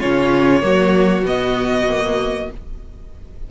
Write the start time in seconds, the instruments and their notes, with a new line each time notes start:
0.00 cello C#3, viola C#4, violin F4 C#5
0.61 cello F#3, viola A#3, violin F#4
1.23 cello B2, viola B3, violin D#5
1.89 viola A#3